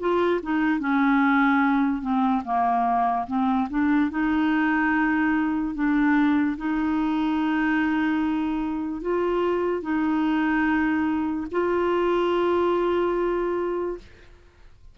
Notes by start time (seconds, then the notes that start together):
0.00 F4
0.43 D#4
0.80 C#4
2.02 C4
2.45 A#3
3.27 C4
3.70 D4
4.11 D#4
5.75 D4
6.58 D#4
9.02 F4
9.83 D#4
11.51 F4